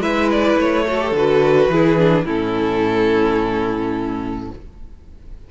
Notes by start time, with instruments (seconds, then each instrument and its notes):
0.00 cello G#3, viola E4, violin B4 E5
0.31 violin D5
0.57 cello A3, violin C#5
0.86 viola F#4, violin A4
1.01 viola G4
1.12 cello D3, viola F#4, violin B4
1.69 cello E3, viola E4, violin G#4
1.98 viola D4
2.25 cello A2, viola C#4, violin E4 A4